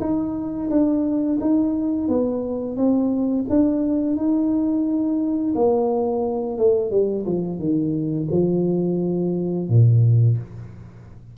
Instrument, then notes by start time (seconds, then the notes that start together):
tuba
0.00 D#4
0.70 D4
1.40 D#4
2.08 B3
2.76 C4
3.49 D4
4.16 D#4
5.55 A#3
6.58 A3
6.91 G3
7.26 F3
7.59 D#3
8.31 F3
9.68 A#2